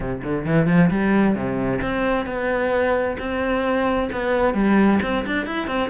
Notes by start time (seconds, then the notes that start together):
0.00 C3
0.23 D3
0.45 E3
0.67 F3
0.90 G3
1.35 C3
1.81 C4
2.25 B3
3.19 C4
4.11 B3
4.54 G3
5.02 C4
5.26 D4
5.45 E4
5.67 C4